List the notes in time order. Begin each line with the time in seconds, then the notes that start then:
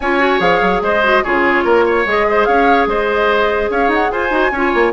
0.00 C#4 F4 C#5 G#5
0.19 F#4
0.39 F3 G#4 F5
0.61 F#3
0.81 G#3 C5 D#5
1.03 F#4
1.23 C#3 F4 G#4 C#5
1.64 A#3 A#4
1.85 C#5
2.06 G#3 G#4 D#5
2.30 C5
2.45 C#4 C#5 F5
2.86 G#3 C5 D#5
3.70 C#4 C#5 F5
3.88 D#4 F#5
4.11 F4 C5 G#5
4.30 D#4 F#4
4.51 C#4 F4 C#5
4.74 A#3